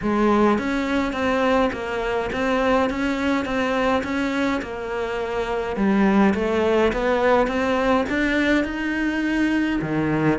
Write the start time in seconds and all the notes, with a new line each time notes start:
0.02 G#3
0.58 C#4
1.12 C4
1.73 A#3
2.32 C4
2.90 C#4
3.45 C4
4.03 C#4
4.62 A#3
5.76 G3
6.34 A3
6.92 B3
7.47 C4
8.09 D4
8.64 D#4
9.81 D#3